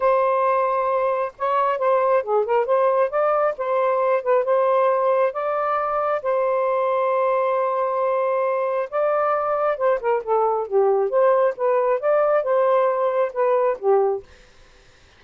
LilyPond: \new Staff \with { instrumentName = "saxophone" } { \time 4/4 \tempo 4 = 135 c''2. cis''4 | c''4 gis'8 ais'8 c''4 d''4 | c''4. b'8 c''2 | d''2 c''2~ |
c''1 | d''2 c''8 ais'8 a'4 | g'4 c''4 b'4 d''4 | c''2 b'4 g'4 | }